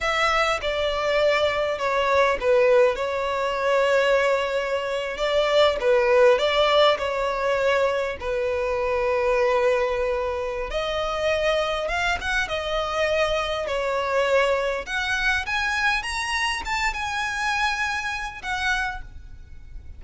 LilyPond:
\new Staff \with { instrumentName = "violin" } { \time 4/4 \tempo 4 = 101 e''4 d''2 cis''4 | b'4 cis''2.~ | cis''8. d''4 b'4 d''4 cis''16~ | cis''4.~ cis''16 b'2~ b'16~ |
b'2 dis''2 | f''8 fis''8 dis''2 cis''4~ | cis''4 fis''4 gis''4 ais''4 | a''8 gis''2~ gis''8 fis''4 | }